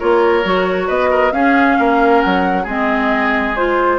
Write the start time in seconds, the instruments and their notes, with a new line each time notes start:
0.00 bassoon A#3, clarinet F4, oboe A#4, flute C#5
0.44 bassoon F#3, clarinet F#4
0.88 bassoon B3, oboe B4, flute D#5
1.11 oboe A#4
1.32 bassoon C#4, clarinet C#4, oboe G#4, flute F5
1.79 bassoon A#3, oboe A#4
2.21 bassoon F#3, flute F#5
2.64 bassoon G#3, clarinet C4, oboe G#4, flute D#5
3.56 clarinet F4, flute C5